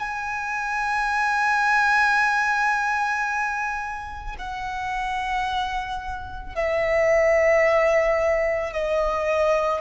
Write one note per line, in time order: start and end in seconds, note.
0.00 4.36 G#5
4.39 6.56 F#5
6.56 8.73 E5
8.73 9.81 D#5